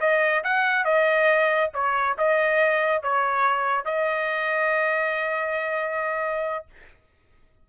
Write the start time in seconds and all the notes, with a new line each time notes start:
0.00 D#5
0.43 F#5
0.85 D#5
1.73 C#5
2.18 D#5
3.02 C#5
3.85 D#5